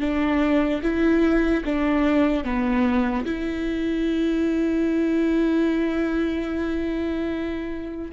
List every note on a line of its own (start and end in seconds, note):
0.00 0.81 D4
0.82 1.63 E4
1.65 2.44 D4
2.44 3.25 B3
3.25 8.12 E4